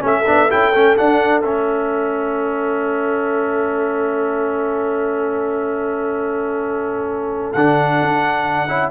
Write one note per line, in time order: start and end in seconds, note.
0.00 0.28 A3
0.00 0.23 C#4
0.00 8.91 A4
0.07 0.51 E5
0.26 0.52 B3
0.26 0.49 D4
0.50 0.75 C#4
0.50 0.73 E4
0.50 0.97 G5
0.74 0.98 A3
0.74 0.97 C#4
0.97 1.43 D4
0.97 1.44 D4
0.97 1.41 F#5
1.41 7.55 A3
1.41 7.56 C#4
1.41 7.52 E5
7.53 8.01 D3
7.53 8.68 D4
7.53 8.91 F#5
8.02 8.67 D4
8.67 8.90 C#4
8.67 8.91 E4